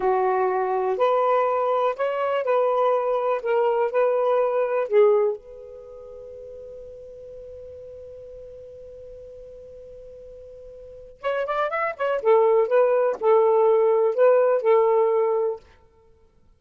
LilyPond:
\new Staff \with { instrumentName = "saxophone" } { \time 4/4 \tempo 4 = 123 fis'2 b'2 | cis''4 b'2 ais'4 | b'2 gis'4 b'4~ | b'1~ |
b'1~ | b'2. cis''8 d''8 | e''8 cis''8 a'4 b'4 a'4~ | a'4 b'4 a'2 | }